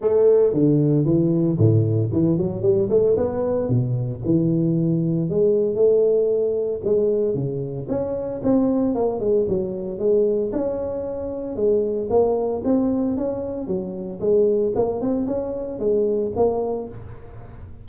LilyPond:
\new Staff \with { instrumentName = "tuba" } { \time 4/4 \tempo 4 = 114 a4 d4 e4 a,4 | e8 fis8 g8 a8 b4 b,4 | e2 gis4 a4~ | a4 gis4 cis4 cis'4 |
c'4 ais8 gis8 fis4 gis4 | cis'2 gis4 ais4 | c'4 cis'4 fis4 gis4 | ais8 c'8 cis'4 gis4 ais4 | }